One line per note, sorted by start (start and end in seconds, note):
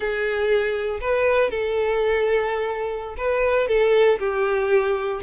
0.00 0.99 G#4
1.01 1.50 B4
1.50 3.15 A4
3.17 3.67 B4
3.67 4.18 A4
4.19 5.21 G4